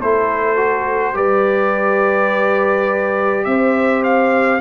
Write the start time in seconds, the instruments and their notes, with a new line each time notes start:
0.00 tuba A3, trombone E4, horn A4, trumpet C5
0.56 trombone F#4
1.14 tuba G3, trombone G4, horn B4, trumpet D5
3.45 tuba C4, horn C5, trumpet E5
4.03 trumpet F5